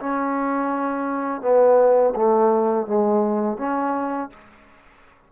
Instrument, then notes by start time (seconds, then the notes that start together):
trombone
0.00 C#4
1.42 B3
2.16 A3
2.87 G#3
3.58 C#4